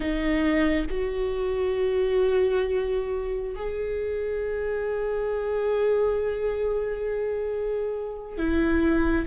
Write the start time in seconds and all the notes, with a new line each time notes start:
0.00 D#4
0.89 F#4
3.55 G#4
8.37 E4